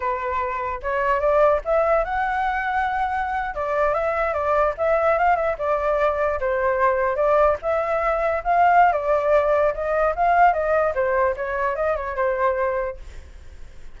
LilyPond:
\new Staff \with { instrumentName = "flute" } { \time 4/4 \tempo 4 = 148 b'2 cis''4 d''4 | e''4 fis''2.~ | fis''8. d''4 e''4 d''4 e''16~ | e''8. f''8 e''8 d''2 c''16~ |
c''4.~ c''16 d''4 e''4~ e''16~ | e''8. f''4~ f''16 d''2 | dis''4 f''4 dis''4 c''4 | cis''4 dis''8 cis''8 c''2 | }